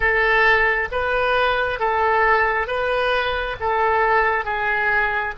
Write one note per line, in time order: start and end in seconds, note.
0.00 0.88 A4
0.91 1.79 B4
1.79 2.67 A4
2.67 3.56 B4
3.60 4.44 A4
4.44 5.34 G#4